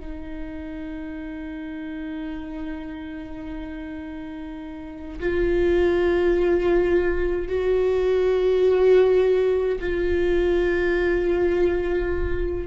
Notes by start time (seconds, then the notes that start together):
0.00 D#4
5.20 F4
7.48 F#4
9.80 F4